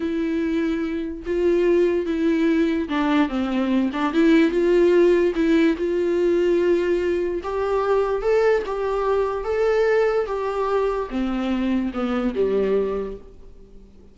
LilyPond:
\new Staff \with { instrumentName = "viola" } { \time 4/4 \tempo 4 = 146 e'2. f'4~ | f'4 e'2 d'4 | c'4. d'8 e'4 f'4~ | f'4 e'4 f'2~ |
f'2 g'2 | a'4 g'2 a'4~ | a'4 g'2 c'4~ | c'4 b4 g2 | }